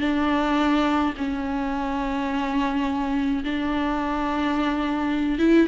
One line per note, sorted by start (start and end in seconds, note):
0.00 1.13 D4
1.17 3.43 C#4
3.44 5.39 D4
5.39 5.67 E4